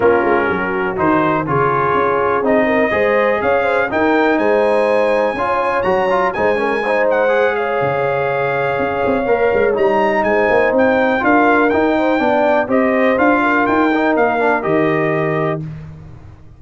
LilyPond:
<<
  \new Staff \with { instrumentName = "trumpet" } { \time 4/4 \tempo 4 = 123 ais'2 c''4 cis''4~ | cis''4 dis''2 f''4 | g''4 gis''2. | ais''4 gis''4. fis''4 f''8~ |
f''1 | ais''4 gis''4 g''4 f''4 | g''2 dis''4 f''4 | g''4 f''4 dis''2 | }
  \new Staff \with { instrumentName = "horn" } { \time 4/4 f'4 fis'2 gis'4~ | gis'4. ais'8 c''4 cis''8 c''8 | ais'4 c''2 cis''4~ | cis''4 c''8 ais'8 c''4. cis''8~ |
cis''1~ | cis''4 c''2 ais'4~ | ais'8 c''8 d''4 c''4. ais'8~ | ais'1 | }
  \new Staff \with { instrumentName = "trombone" } { \time 4/4 cis'2 dis'4 f'4~ | f'4 dis'4 gis'2 | dis'2. f'4 | fis'8 f'8 dis'8 cis'8 dis'4 gis'4~ |
gis'2. ais'4 | dis'2. f'4 | dis'4 d'4 g'4 f'4~ | f'8 dis'4 d'8 g'2 | }
  \new Staff \with { instrumentName = "tuba" } { \time 4/4 ais8 gis8 fis4 dis4 cis4 | cis'4 c'4 gis4 cis'4 | dis'4 gis2 cis'4 | fis4 gis2. |
cis2 cis'8 c'8 ais8 gis8 | g4 gis8 ais8 c'4 d'4 | dis'4 b4 c'4 d'4 | dis'4 ais4 dis2 | }
>>